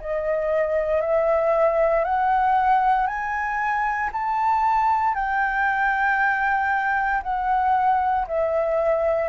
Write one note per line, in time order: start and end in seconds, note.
0.00 1.01 D#5
1.01 2.05 E5
2.05 3.07 F#5
3.07 4.10 G#5
4.12 5.14 A5
5.14 7.21 G5
7.23 8.26 F#5
8.27 9.29 E5